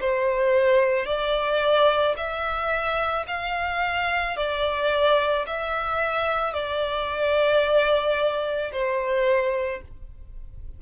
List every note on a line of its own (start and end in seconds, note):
0.00 1.06 C5
1.06 2.15 D5
2.17 3.26 E5
3.27 4.36 F5
4.37 5.46 D5
5.46 6.53 E5
6.53 8.71 D5
8.72 9.81 C5